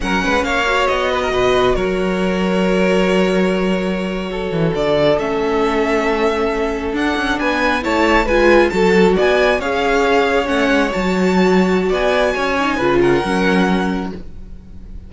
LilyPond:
<<
  \new Staff \with { instrumentName = "violin" } { \time 4/4 \tempo 4 = 136 fis''4 f''4 dis''2 | cis''1~ | cis''2~ cis''8. d''4 e''16~ | e''2.~ e''8. fis''16~ |
fis''8. gis''4 a''4 gis''4 a''16~ | a''8. gis''4 f''2 fis''16~ | fis''8. a''2~ a''16 gis''4~ | gis''4. fis''2~ fis''8 | }
  \new Staff \with { instrumentName = "violin" } { \time 4/4 ais'8 b'8 cis''4. b'16 ais'16 b'4 | ais'1~ | ais'4.~ ais'16 a'2~ a'16~ | a'1~ |
a'8. b'4 cis''4 b'4 a'16~ | a'8. d''4 cis''2~ cis''16~ | cis''2. d''4 | cis''4 b'8 ais'2~ ais'8 | }
  \new Staff \with { instrumentName = "viola" } { \time 4/4 cis'4. fis'2~ fis'8~ | fis'1~ | fis'2.~ fis'8. cis'16~ | cis'2.~ cis'8. d'16~ |
d'4.~ d'16 e'4 f'4 fis'16~ | fis'4.~ fis'16 gis'2 cis'16~ | cis'8. fis'2.~ fis'16~ | fis'8 dis'8 f'4 cis'2 | }
  \new Staff \with { instrumentName = "cello" } { \time 4/4 fis8 gis8 ais4 b4 b,4 | fis1~ | fis2~ fis16 e8 d4 a16~ | a2.~ a8. d'16~ |
d'16 cis'8 b4 a4 gis4 fis16~ | fis8. b4 cis'2 a16~ | a16 gis8 fis2~ fis16 b4 | cis'4 cis4 fis2 | }
>>